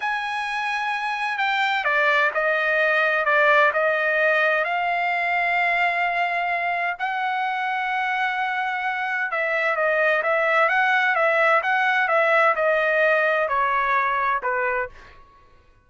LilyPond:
\new Staff \with { instrumentName = "trumpet" } { \time 4/4 \tempo 4 = 129 gis''2. g''4 | d''4 dis''2 d''4 | dis''2 f''2~ | f''2. fis''4~ |
fis''1 | e''4 dis''4 e''4 fis''4 | e''4 fis''4 e''4 dis''4~ | dis''4 cis''2 b'4 | }